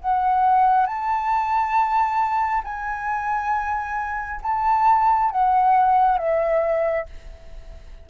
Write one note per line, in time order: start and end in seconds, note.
0.00 0.86 F#5
0.86 2.63 A5
2.64 4.40 G#5
4.42 5.31 A5
5.31 6.18 F#5
6.18 7.06 E5